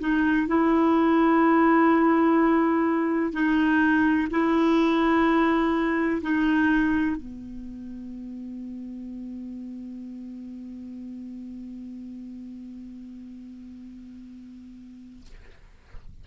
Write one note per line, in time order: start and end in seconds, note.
0.00 0.48 D#4
0.48 3.33 E4
3.33 4.28 D#4
4.31 6.22 E4
6.22 7.17 D#4
7.17 15.26 B3